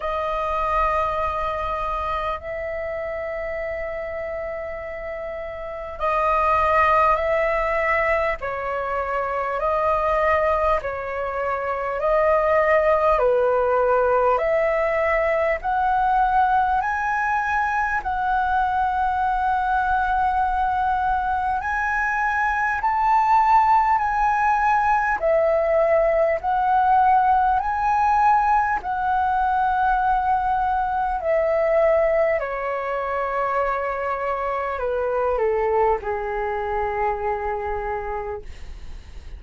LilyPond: \new Staff \with { instrumentName = "flute" } { \time 4/4 \tempo 4 = 50 dis''2 e''2~ | e''4 dis''4 e''4 cis''4 | dis''4 cis''4 dis''4 b'4 | e''4 fis''4 gis''4 fis''4~ |
fis''2 gis''4 a''4 | gis''4 e''4 fis''4 gis''4 | fis''2 e''4 cis''4~ | cis''4 b'8 a'8 gis'2 | }